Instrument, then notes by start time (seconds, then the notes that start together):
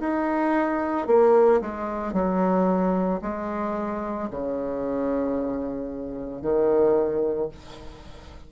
bassoon
0.00 D#4
1.07 A#3
1.61 G#3
2.13 F#3
3.22 G#3
4.31 C#3
6.42 D#3